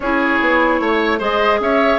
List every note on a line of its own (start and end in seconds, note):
0.00 0.39 C#4
0.00 1.20 E4
0.00 0.81 G#4
0.00 1.18 C#5
0.40 0.80 B3
0.80 1.20 A3
0.80 1.19 C#5
1.19 1.60 G#3
1.19 1.99 G#4
1.19 1.59 C5
1.19 1.60 D#5
1.60 1.99 C#4
1.60 1.99 C#5
1.60 1.99 E5